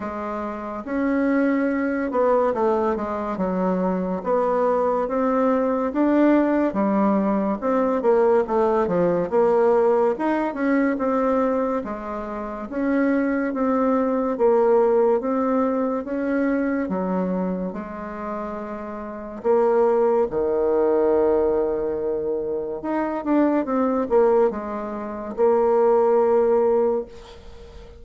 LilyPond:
\new Staff \with { instrumentName = "bassoon" } { \time 4/4 \tempo 4 = 71 gis4 cis'4. b8 a8 gis8 | fis4 b4 c'4 d'4 | g4 c'8 ais8 a8 f8 ais4 | dis'8 cis'8 c'4 gis4 cis'4 |
c'4 ais4 c'4 cis'4 | fis4 gis2 ais4 | dis2. dis'8 d'8 | c'8 ais8 gis4 ais2 | }